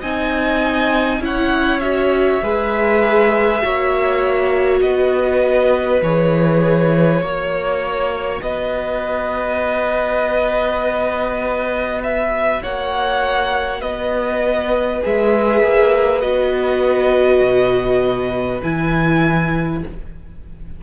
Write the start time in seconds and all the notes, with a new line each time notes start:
0.00 C4 D#4 D#5 G#5
1.20 C#4 E4 F#5
1.26 C#5
1.79 F#4 E5
2.42 G#3 G#4 B4
3.60 A#3 F#4 C#5
4.80 B3 B4 D#5
6.01 E3 G#4 C#5
7.20 A#3 F#4 C#5
8.42 B3 B4 D#5
12.03 E5
12.62 A#3 C#5 F#5
13.80 B3 B4 D#5
15.01 G#3 G#4 E5
15.63 A#3
16.21 B3 F#4 D#5
17.41 B2
18.62 E3 E4 G#5